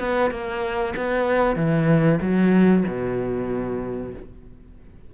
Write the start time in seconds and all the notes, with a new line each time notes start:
0.00 B3
0.31 A#3
0.97 B3
1.56 E3
2.22 F#3
2.88 B2